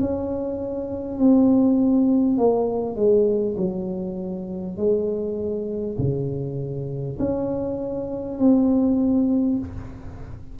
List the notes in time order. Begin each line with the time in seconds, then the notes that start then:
0.00 C#4
1.18 C4
2.38 A#3
2.96 G#3
3.57 F#3
4.77 G#3
5.98 C#3
7.19 C#4
8.38 C4